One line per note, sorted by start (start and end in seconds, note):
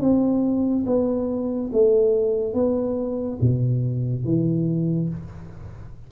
0.00 0.85 C4
0.86 1.71 B3
1.72 2.54 A3
2.54 3.38 B3
3.41 4.24 B2
4.24 5.09 E3